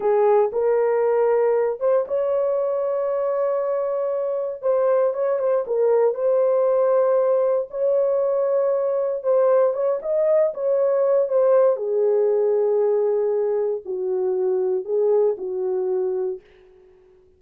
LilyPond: \new Staff \with { instrumentName = "horn" } { \time 4/4 \tempo 4 = 117 gis'4 ais'2~ ais'8 c''8 | cis''1~ | cis''4 c''4 cis''8 c''8 ais'4 | c''2. cis''4~ |
cis''2 c''4 cis''8 dis''8~ | dis''8 cis''4. c''4 gis'4~ | gis'2. fis'4~ | fis'4 gis'4 fis'2 | }